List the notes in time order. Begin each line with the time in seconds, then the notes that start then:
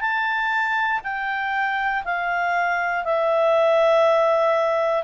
0.00 A5
1.04 G5
2.04 F5
3.04 E5